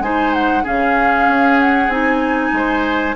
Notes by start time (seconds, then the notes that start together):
0.00 G#3 D#4 C5 G#5
0.34 F#5
0.64 C#3 C#4 G#4 F5
1.28 C#4
1.60 F#5
1.89 C4 D#4 G#5
2.53 G#3 C5